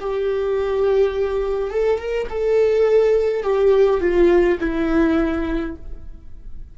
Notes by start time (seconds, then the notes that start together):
0.00 G4
1.70 A4
1.99 A#4
2.29 A4
3.42 G4
4.00 F4
4.59 E4